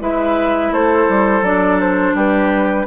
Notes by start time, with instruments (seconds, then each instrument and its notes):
0.00 bassoon G#3, clarinet E4, oboe B4, flute E5
0.71 bassoon A3, oboe A4, flute C5
1.09 bassoon G3
1.42 bassoon F#3, clarinet D4, flute D5
1.80 flute C5
2.15 bassoon G3, oboe G4, flute B4